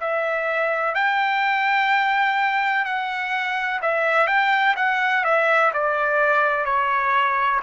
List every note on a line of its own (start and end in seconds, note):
0.00 0.94 E5
0.94 2.85 G5
2.85 3.80 F#5
3.82 4.27 E5
4.27 4.75 G5
4.76 5.24 F#5
5.24 5.71 E5
5.73 6.65 D5
6.65 7.60 C#5